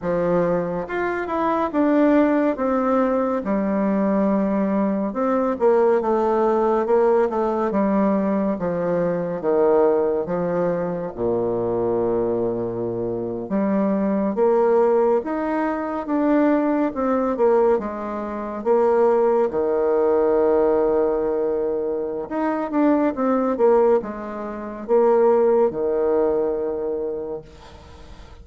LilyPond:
\new Staff \with { instrumentName = "bassoon" } { \time 4/4 \tempo 4 = 70 f4 f'8 e'8 d'4 c'4 | g2 c'8 ais8 a4 | ais8 a8 g4 f4 dis4 | f4 ais,2~ ais,8. g16~ |
g8. ais4 dis'4 d'4 c'16~ | c'16 ais8 gis4 ais4 dis4~ dis16~ | dis2 dis'8 d'8 c'8 ais8 | gis4 ais4 dis2 | }